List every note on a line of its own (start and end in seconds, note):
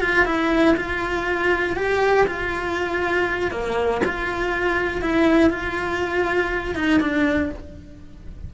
0.00 0.25 F4
0.25 0.75 E4
0.76 1.76 F4
1.76 2.26 G4
2.27 3.51 F4
3.51 4.01 A#3
4.05 5.01 F4
5.01 5.50 E4
5.50 6.75 F4
6.75 7.00 D#4
7.00 7.50 D4